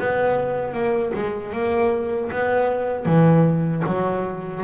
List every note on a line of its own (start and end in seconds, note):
0.00 0.74 B3
0.74 1.13 A#3
1.15 1.53 G#3
1.53 2.31 A#3
2.32 3.06 B3
3.06 3.84 E3
3.86 4.64 F#3